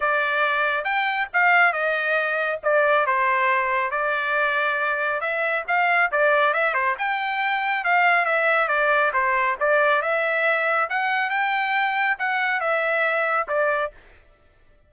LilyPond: \new Staff \with { instrumentName = "trumpet" } { \time 4/4 \tempo 4 = 138 d''2 g''4 f''4 | dis''2 d''4 c''4~ | c''4 d''2. | e''4 f''4 d''4 e''8 c''8 |
g''2 f''4 e''4 | d''4 c''4 d''4 e''4~ | e''4 fis''4 g''2 | fis''4 e''2 d''4 | }